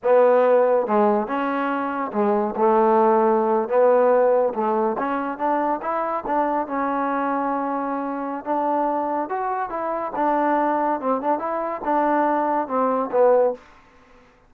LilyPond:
\new Staff \with { instrumentName = "trombone" } { \time 4/4 \tempo 4 = 142 b2 gis4 cis'4~ | cis'4 gis4 a2~ | a8. b2 a4 cis'16~ | cis'8. d'4 e'4 d'4 cis'16~ |
cis'1 | d'2 fis'4 e'4 | d'2 c'8 d'8 e'4 | d'2 c'4 b4 | }